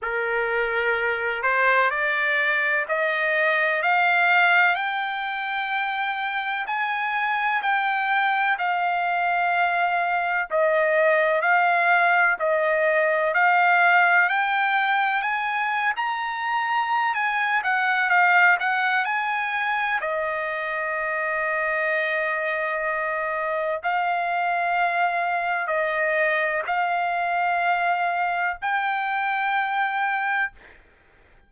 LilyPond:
\new Staff \with { instrumentName = "trumpet" } { \time 4/4 \tempo 4 = 63 ais'4. c''8 d''4 dis''4 | f''4 g''2 gis''4 | g''4 f''2 dis''4 | f''4 dis''4 f''4 g''4 |
gis''8. ais''4~ ais''16 gis''8 fis''8 f''8 fis''8 | gis''4 dis''2.~ | dis''4 f''2 dis''4 | f''2 g''2 | }